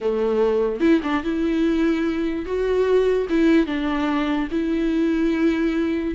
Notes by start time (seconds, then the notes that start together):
0.00 A3
0.80 E4
1.03 D4
1.23 E4
2.45 F#4
3.29 E4
3.66 D4
4.51 E4